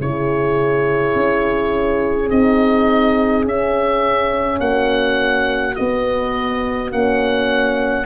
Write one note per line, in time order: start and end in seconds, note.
0.00 1.15 C#3
0.00 2.31 E4
0.00 4.62 G#4
0.00 2.30 C#5
1.15 2.31 C#4
2.30 3.45 C4
2.30 3.46 D#4
2.30 3.46 D#5
3.45 4.60 C#4
3.45 5.77 C#4
3.45 4.60 E5
4.60 5.76 A#3
4.60 8.06 F#4
4.60 5.76 F#5
5.76 6.91 B3
5.76 6.92 B3
5.76 6.91 D#5
6.91 8.06 A#3
6.91 8.06 C#4
6.91 8.06 F#5